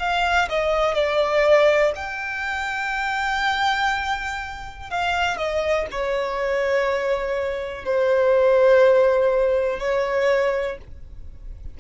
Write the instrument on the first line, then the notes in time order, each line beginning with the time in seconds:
violin
0.00 F5
0.49 D#5
0.95 D5
1.96 G5
4.90 F5
5.38 D#5
5.91 C#5
7.85 C5
9.80 C#5